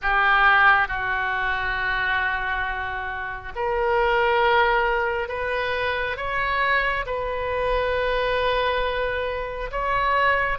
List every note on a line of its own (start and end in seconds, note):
0.02 0.87 G4
0.87 3.52 F#4
3.55 5.28 A#4
5.28 6.16 B4
6.16 7.05 C#5
7.05 9.70 B4
9.71 10.58 C#5